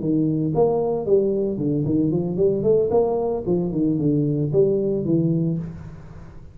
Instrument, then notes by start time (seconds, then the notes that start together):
tuba
0.00 D#3
0.55 A#3
1.06 G3
1.58 D3
1.85 D#3
2.11 F3
2.37 G3
2.63 A3
2.91 A#3
3.46 F3
3.72 D#3
3.98 D3
4.53 G3
5.05 E3